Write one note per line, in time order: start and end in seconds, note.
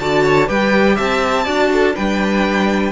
0.00 0.49 D3
0.00 0.47 F#4
0.00 0.24 D5
0.00 0.49 A5
0.24 0.48 C#5
0.47 0.99 G3
0.47 1.46 G4
0.47 0.96 B4
0.47 0.98 G5
0.96 1.47 C4
0.96 1.45 E5
0.96 1.96 A5
1.45 1.96 D4
1.45 1.94 F#4
1.45 1.69 D5
1.73 1.96 A4
1.94 2.93 G3
1.94 2.92 D4
1.94 2.93 B4
1.94 2.93 G5